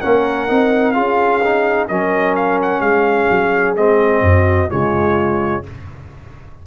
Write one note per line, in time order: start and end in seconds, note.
0.00 0.50 A#3
0.00 0.47 C#4
0.00 0.93 A#4
0.00 0.91 F#5
0.47 0.96 C4
0.47 0.94 D#4
0.91 1.89 C#4
0.91 1.40 F4
0.91 1.87 G#4
0.91 1.85 F5
1.44 1.88 D#4
1.88 2.80 F#3
1.88 3.76 C#4
1.88 2.82 A#4
1.88 2.35 D#5
2.35 2.59 F5
2.62 2.80 F#5
2.80 3.27 G#3
2.80 4.22 G#4
2.80 3.74 F5
3.29 3.76 F#3
3.76 4.21 G#3
3.76 4.69 C4
3.76 4.70 D#5
4.21 4.68 F#2
4.21 4.70 F#4
4.69 5.66 C#3
4.69 5.63 G#3
4.69 5.63 F4
4.69 5.64 C#5